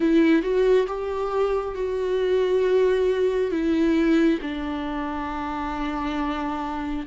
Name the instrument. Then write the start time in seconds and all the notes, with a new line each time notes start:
viola
0.00 E4
0.42 F#4
0.87 G4
1.74 F#4
3.51 E4
4.41 D4